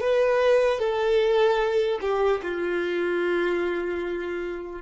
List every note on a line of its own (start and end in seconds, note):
0.00 0.79 B4
0.79 1.99 A4
2.01 2.41 G4
2.43 4.81 F4